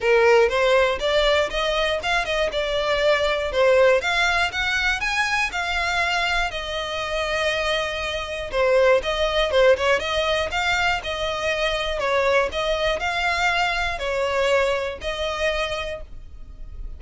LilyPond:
\new Staff \with { instrumentName = "violin" } { \time 4/4 \tempo 4 = 120 ais'4 c''4 d''4 dis''4 | f''8 dis''8 d''2 c''4 | f''4 fis''4 gis''4 f''4~ | f''4 dis''2.~ |
dis''4 c''4 dis''4 c''8 cis''8 | dis''4 f''4 dis''2 | cis''4 dis''4 f''2 | cis''2 dis''2 | }